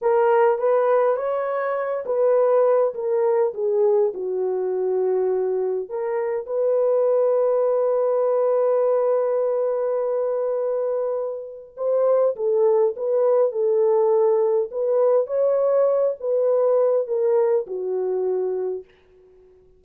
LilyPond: \new Staff \with { instrumentName = "horn" } { \time 4/4 \tempo 4 = 102 ais'4 b'4 cis''4. b'8~ | b'4 ais'4 gis'4 fis'4~ | fis'2 ais'4 b'4~ | b'1~ |
b'1 | c''4 a'4 b'4 a'4~ | a'4 b'4 cis''4. b'8~ | b'4 ais'4 fis'2 | }